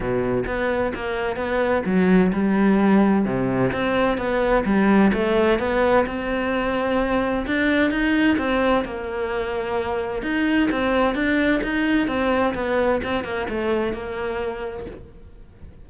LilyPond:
\new Staff \with { instrumentName = "cello" } { \time 4/4 \tempo 4 = 129 b,4 b4 ais4 b4 | fis4 g2 c4 | c'4 b4 g4 a4 | b4 c'2. |
d'4 dis'4 c'4 ais4~ | ais2 dis'4 c'4 | d'4 dis'4 c'4 b4 | c'8 ais8 a4 ais2 | }